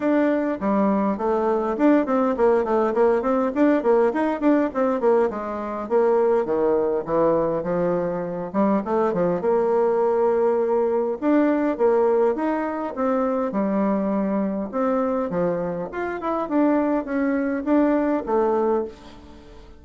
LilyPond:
\new Staff \with { instrumentName = "bassoon" } { \time 4/4 \tempo 4 = 102 d'4 g4 a4 d'8 c'8 | ais8 a8 ais8 c'8 d'8 ais8 dis'8 d'8 | c'8 ais8 gis4 ais4 dis4 | e4 f4. g8 a8 f8 |
ais2. d'4 | ais4 dis'4 c'4 g4~ | g4 c'4 f4 f'8 e'8 | d'4 cis'4 d'4 a4 | }